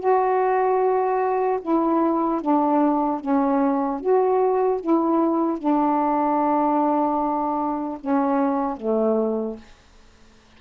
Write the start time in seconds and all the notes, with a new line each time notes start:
0.00 F#4
1.62 E4
2.41 D4
3.21 C#4
4.01 F#4
4.81 E4
5.59 D4
8.01 C#4
8.77 A3